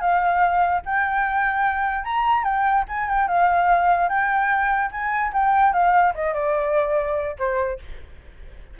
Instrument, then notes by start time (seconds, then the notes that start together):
flute
0.00 F5
0.85 G5
2.04 A#5
2.44 G5
2.88 G#5
3.09 G5
3.28 F5
4.09 G5
4.91 G#5
5.33 G5
5.73 F5
6.15 D#5
6.34 D5
7.39 C5